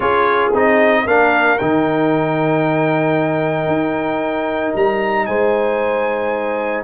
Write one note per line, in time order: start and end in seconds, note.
0.00 0.50 C#4
0.00 0.51 F4
0.00 1.03 G#4
0.00 0.52 C#5
0.52 1.05 C4
0.52 1.06 D#4
0.52 1.07 D#5
1.06 1.59 A#3
1.06 1.59 D4
1.06 5.27 A#4
1.06 1.58 F5
1.58 3.67 D#3
1.58 6.83 D#4
1.58 4.73 G5
3.67 4.72 D#4
4.75 5.27 G3
4.75 5.25 A#5
5.25 6.83 G#3
5.25 6.83 C5
5.25 6.83 G#5